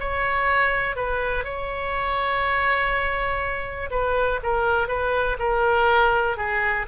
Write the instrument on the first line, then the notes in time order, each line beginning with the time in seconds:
oboe
0.00 C#5
0.96 B4
1.44 C#5
3.91 B4
4.43 A#4
4.88 B4
5.39 A#4
6.37 G#4